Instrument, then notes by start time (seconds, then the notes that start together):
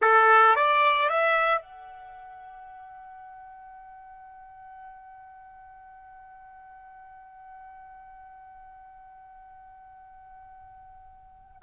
trumpet
0.01 A4
0.55 D5
1.09 E5
1.61 F#5